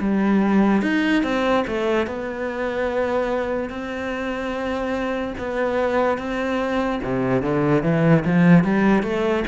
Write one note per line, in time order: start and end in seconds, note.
0.00 0.82 G3
0.82 1.23 D#4
1.24 1.65 C4
1.67 2.07 A3
2.07 3.69 B3
3.69 5.34 C4
5.38 6.18 B3
6.18 7.00 C4
7.03 7.42 C3
7.42 7.83 D3
7.83 8.24 E3
8.26 8.64 F3
8.64 9.03 G3
9.03 9.44 A3